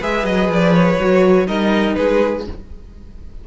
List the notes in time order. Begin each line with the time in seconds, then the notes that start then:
0.00 G#3 G#4 B4 E5
0.24 F#3 D#5
0.48 F3 D5
0.74 C#5
1.00 F#3 F#4
1.47 G3 D#4 A#4 D#5
1.95 G#3 G#4 B4